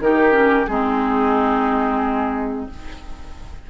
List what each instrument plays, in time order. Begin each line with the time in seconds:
0.00 bassoon D#3, clarinet D#4, oboe G4, flute A#4
0.32 clarinet C#4
0.67 bassoon G#3, clarinet C4, oboe D#4, flute G#4